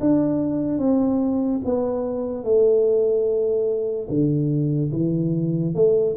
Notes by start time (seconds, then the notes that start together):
0.00 D4
0.78 C4
1.64 B3
2.44 A3
4.09 D3
4.92 E3
5.74 A3